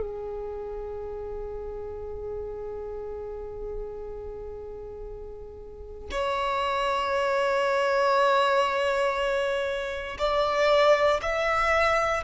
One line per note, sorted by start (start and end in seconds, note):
0.00 6.10 G#4
6.11 10.17 C#5
10.18 11.20 D5
11.22 12.24 E5